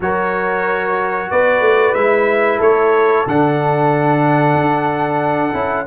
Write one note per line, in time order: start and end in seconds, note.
0.00 1.30 F#3
0.00 1.97 F#4
0.00 1.31 A#4
0.00 1.30 C#5
1.30 1.60 B3
1.30 2.58 B4
1.30 1.94 D5
1.60 1.93 A3
1.94 2.59 G#3
1.94 3.27 E4
1.94 2.59 E5
2.58 3.25 A3
2.58 5.84 A4
2.58 3.26 C#5
3.26 4.54 D3
3.26 5.53 D4
3.26 5.86 F#5
4.54 5.52 D4
5.53 5.86 C#4
5.53 5.85 E4